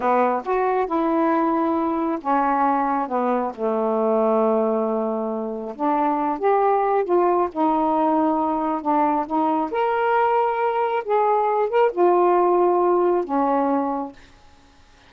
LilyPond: \new Staff \with { instrumentName = "saxophone" } { \time 4/4 \tempo 4 = 136 b4 fis'4 e'2~ | e'4 cis'2 b4 | a1~ | a4 d'4. g'4. |
f'4 dis'2. | d'4 dis'4 ais'2~ | ais'4 gis'4. ais'8 f'4~ | f'2 cis'2 | }